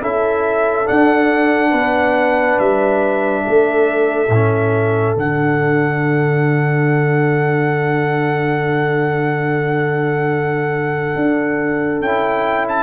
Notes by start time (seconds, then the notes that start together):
0.00 C#4 E4 A4 E5
0.85 D4 F#5
1.70 B3 B4
2.59 G3 E5
3.45 A3 A4
4.28 A2 C#4
5.15 D3 D4 F#5
11.15 D4
12.00 C#4 E4 G5
12.68 A5